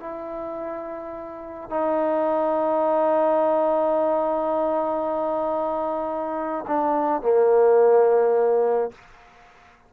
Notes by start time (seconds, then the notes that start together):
0.00 E4
1.70 D#4
6.68 D4
7.22 A#3